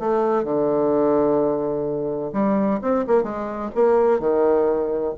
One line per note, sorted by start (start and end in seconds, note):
0.00 0.45 A3
0.45 2.32 D3
2.33 2.80 G3
2.82 3.05 C4
3.07 3.24 A#3
3.24 3.71 G#3
3.75 4.20 A#3
4.20 5.14 D#3